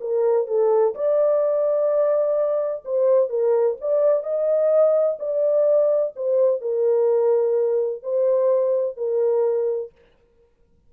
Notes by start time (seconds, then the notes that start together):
0.00 A#4
0.47 A4
0.94 D5
2.84 C5
3.29 A#4
3.81 D5
4.23 D#5
5.19 D5
6.16 C5
6.61 A#4
8.03 C5
8.97 A#4